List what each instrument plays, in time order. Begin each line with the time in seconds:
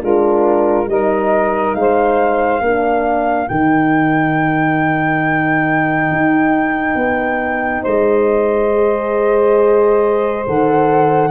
0.00 tuba G#3, horn D4, saxophone F4, flute A#4
0.87 tuba G3, horn D#4, saxophone A#4, flute D#5
1.74 tuba G#3, saxophone C5, flute F5
2.61 tuba A#3, horn D4, saxophone A#4
3.48 tuba D#3, horn D#4, flute G5
6.11 tuba D#4
6.95 tuba B3
7.82 tuba G#3, saxophone C5, flute D#5
8.74 horn G#4
10.46 tuba D#3, horn A4, flute F#5